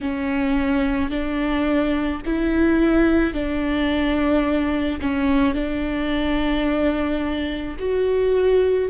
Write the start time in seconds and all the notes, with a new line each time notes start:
0.00 C#4
1.10 D4
2.25 E4
3.33 D4
5.00 C#4
5.54 D4
7.79 F#4